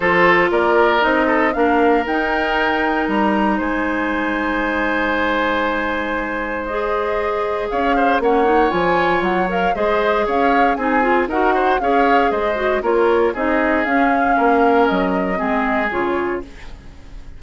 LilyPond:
<<
  \new Staff \with { instrumentName = "flute" } { \time 4/4 \tempo 4 = 117 c''4 d''4 dis''4 f''4 | g''2 ais''4 gis''4~ | gis''1~ | gis''4 dis''2 f''4 |
fis''4 gis''4 fis''8 f''8 dis''4 | f''4 gis''4 fis''4 f''4 | dis''4 cis''4 dis''4 f''4~ | f''4 dis''2 cis''4 | }
  \new Staff \with { instrumentName = "oboe" } { \time 4/4 a'4 ais'4. a'8 ais'4~ | ais'2. c''4~ | c''1~ | c''2. cis''8 c''8 |
cis''2. c''4 | cis''4 gis'4 ais'8 c''8 cis''4 | c''4 ais'4 gis'2 | ais'2 gis'2 | }
  \new Staff \with { instrumentName = "clarinet" } { \time 4/4 f'2 dis'4 d'4 | dis'1~ | dis'1~ | dis'4 gis'2. |
cis'8 dis'8 f'4. ais'8 gis'4~ | gis'4 dis'8 f'8 fis'4 gis'4~ | gis'8 fis'8 f'4 dis'4 cis'4~ | cis'2 c'4 f'4 | }
  \new Staff \with { instrumentName = "bassoon" } { \time 4/4 f4 ais4 c'4 ais4 | dis'2 g4 gis4~ | gis1~ | gis2. cis'4 |
ais4 f4 fis4 gis4 | cis'4 c'4 dis'4 cis'4 | gis4 ais4 c'4 cis'4 | ais4 fis4 gis4 cis4 | }
>>